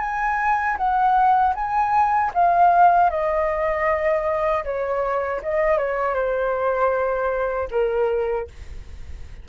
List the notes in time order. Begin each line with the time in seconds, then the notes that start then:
0.00 G#5
0.77 F#5
1.55 G#5
2.34 F5
3.10 D#5
4.64 C#5
5.42 D#5
5.77 C#5
6.14 C5
7.71 A#4